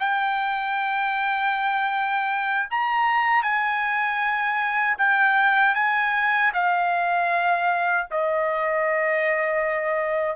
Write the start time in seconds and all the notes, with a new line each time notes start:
0.00 G5
2.71 A#5
3.43 G#5
4.99 G5
5.76 G#5
6.54 F5
8.11 D#5